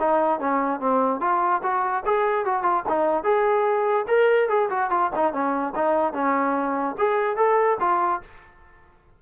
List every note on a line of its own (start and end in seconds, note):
0.00 0.40 D#4
0.40 0.80 C#4
0.80 1.21 C4
1.21 1.62 F4
1.63 2.04 F#4
2.06 2.46 G#4
2.46 2.63 F#4
2.63 2.84 F4
2.89 3.24 D#4
3.24 4.06 G#4
4.08 4.49 A#4
4.49 4.70 G#4
4.70 4.91 F#4
4.91 5.11 F4
5.16 5.33 D#4
5.33 5.74 C#4
5.76 6.14 D#4
6.14 6.96 C#4
6.98 7.37 G#4
7.37 7.78 A4
7.81 8.22 F4